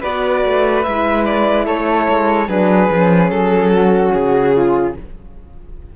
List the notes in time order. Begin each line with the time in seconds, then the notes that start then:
0.00 B3 F#4 B4 D5
0.45 A3
0.83 G#3 E4 E5
1.24 D5
1.65 A3 A4 C#5
2.09 G#3
2.48 F#3 D4 G#4 B4
2.89 F3 C#4
3.29 F#3 A4
3.72 F#4
4.13 C#3 G#4
4.54 F4